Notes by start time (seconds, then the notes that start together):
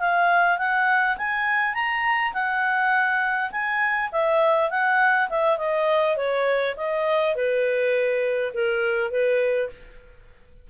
0.00 F5
0.59 F#5
1.18 G#5
1.75 A#5
2.34 F#5
3.52 G#5
4.12 E5
4.71 F#5
5.30 E5
5.58 D#5
6.17 C#5
6.77 D#5
7.36 B4
8.54 A#4
9.11 B4